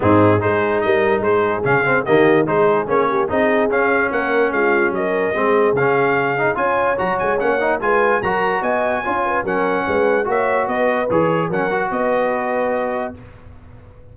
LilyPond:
<<
  \new Staff \with { instrumentName = "trumpet" } { \time 4/4 \tempo 4 = 146 gis'4 c''4 dis''4 c''4 | f''4 dis''4 c''4 cis''4 | dis''4 f''4 fis''4 f''4 | dis''2 f''2 |
gis''4 ais''8 gis''8 fis''4 gis''4 | ais''4 gis''2 fis''4~ | fis''4 e''4 dis''4 cis''4 | fis''4 dis''2. | }
  \new Staff \with { instrumentName = "horn" } { \time 4/4 dis'4 gis'4 ais'4 gis'4~ | gis'4 g'4 gis'4. g'8 | gis'2 ais'4 f'4 | ais'4 gis'2. |
cis''2. b'4 | ais'4 dis''4 cis''8 b'8 ais'4 | b'4 cis''4 b'2 | ais'4 b'2. | }
  \new Staff \with { instrumentName = "trombone" } { \time 4/4 c'4 dis'2. | cis'8 c'8 ais4 dis'4 cis'4 | dis'4 cis'2.~ | cis'4 c'4 cis'4. dis'8 |
f'4 fis'4 cis'8 dis'8 f'4 | fis'2 f'4 cis'4~ | cis'4 fis'2 gis'4 | cis'8 fis'2.~ fis'8 | }
  \new Staff \with { instrumentName = "tuba" } { \time 4/4 gis,4 gis4 g4 gis4 | cis4 dis4 gis4 ais4 | c'4 cis'4 ais4 gis4 | fis4 gis4 cis2 |
cis'4 fis8 gis8 ais4 gis4 | fis4 b4 cis'4 fis4 | gis4 ais4 b4 e4 | fis4 b2. | }
>>